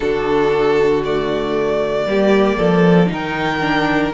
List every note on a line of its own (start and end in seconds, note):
0.00 2.06 D3
0.00 1.02 D4
0.00 2.08 F#4
0.00 1.03 A4
1.04 2.07 A3
1.04 3.11 D5
2.06 2.58 G3
2.06 3.06 A#3
2.06 2.57 G4
2.57 3.10 F3
2.57 3.09 A4
3.06 4.13 D#3
3.06 3.58 D#4
3.12 4.13 A#4
3.12 4.13 G5
3.60 4.12 D4